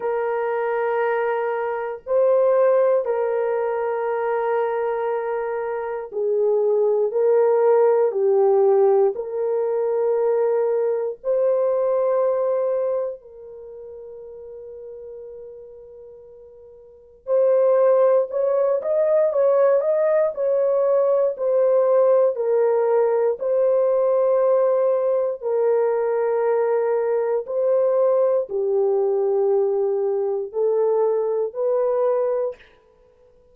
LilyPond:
\new Staff \with { instrumentName = "horn" } { \time 4/4 \tempo 4 = 59 ais'2 c''4 ais'4~ | ais'2 gis'4 ais'4 | g'4 ais'2 c''4~ | c''4 ais'2.~ |
ais'4 c''4 cis''8 dis''8 cis''8 dis''8 | cis''4 c''4 ais'4 c''4~ | c''4 ais'2 c''4 | g'2 a'4 b'4 | }